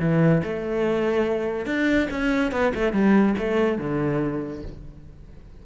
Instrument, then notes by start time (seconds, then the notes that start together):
cello
0.00 E3
0.43 A3
1.66 D4
2.11 C#4
2.52 B3
2.75 A3
2.93 G3
3.38 A3
3.78 D3